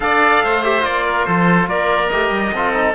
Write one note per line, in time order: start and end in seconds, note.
0.00 0.42 D4
0.00 0.63 A4
0.00 0.44 D5
0.00 0.63 F5
0.42 0.83 A3
0.42 1.06 C5
0.63 0.80 G4
0.63 0.84 E5
0.80 1.26 A#3
0.80 2.07 F4
0.80 1.25 D5
1.06 1.26 A#4
1.25 1.67 F3
1.25 1.68 A4
1.25 1.67 C5
1.67 2.09 A#3
1.67 2.53 A#4
1.67 2.09 D5
2.09 2.30 A3
2.09 2.54 G4
2.09 2.94 D#5
2.30 2.51 G3
2.53 2.94 C4
2.53 2.74 F4
2.53 2.94 A4
2.74 2.94 D#4